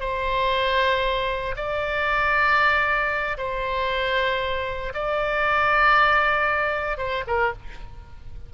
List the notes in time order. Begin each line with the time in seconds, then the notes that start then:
0.00 C5
1.56 D5
3.38 C5
4.94 D5
6.98 C5
7.27 A#4